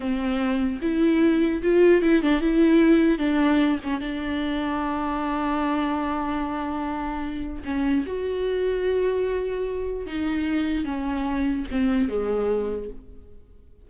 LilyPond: \new Staff \with { instrumentName = "viola" } { \time 4/4 \tempo 4 = 149 c'2 e'2 | f'4 e'8 d'8 e'2 | d'4. cis'8 d'2~ | d'1~ |
d'2. cis'4 | fis'1~ | fis'4 dis'2 cis'4~ | cis'4 c'4 gis2 | }